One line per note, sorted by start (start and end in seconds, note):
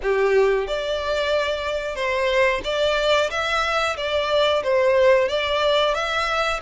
0.02 0.67 G4
0.67 1.95 D5
1.95 2.61 C5
2.64 3.30 D5
3.30 3.96 E5
3.97 4.62 D5
4.63 5.28 C5
5.28 5.94 D5
5.94 6.60 E5